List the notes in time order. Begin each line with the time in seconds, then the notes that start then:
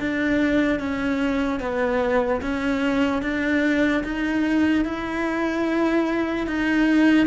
0.00 D4
0.79 C#4
1.60 B3
2.42 C#4
3.22 D4
4.04 D#4
4.85 E4
6.47 D#4